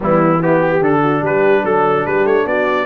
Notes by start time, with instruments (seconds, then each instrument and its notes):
0.00 tuba E3, trombone G3, horn B3, trumpet E4
0.41 trombone B3, horn E4, trumpet G4
0.60 horn G4
0.81 tuba D3, trombone D4, trumpet A4
1.02 horn F#4
1.21 tuba G3, horn G4, trumpet B4
1.63 tuba F#3, horn A4, trumpet A4
2.06 tuba G3, horn G4, trumpet B4
2.25 tuba A3, trumpet C#5
2.45 tuba B3, horn F#4, trumpet D5